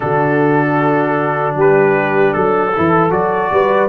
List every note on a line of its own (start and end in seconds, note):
0.00 1.53 D3
0.00 2.71 D4
0.00 1.56 F#4
0.00 1.55 A4
1.53 2.31 G3
1.53 2.34 G4
1.53 2.33 B4
2.33 2.74 F#3
2.33 3.11 A4
2.33 3.51 A4
2.75 3.10 E3
2.75 3.10 E4
3.10 3.49 F#3
3.10 3.88 F#4
3.10 3.88 D5
3.51 3.88 G3
3.51 3.88 B4